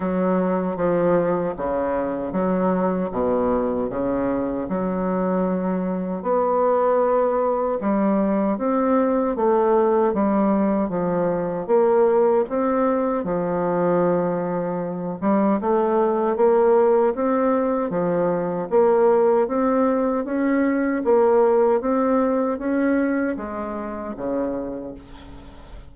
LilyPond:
\new Staff \with { instrumentName = "bassoon" } { \time 4/4 \tempo 4 = 77 fis4 f4 cis4 fis4 | b,4 cis4 fis2 | b2 g4 c'4 | a4 g4 f4 ais4 |
c'4 f2~ f8 g8 | a4 ais4 c'4 f4 | ais4 c'4 cis'4 ais4 | c'4 cis'4 gis4 cis4 | }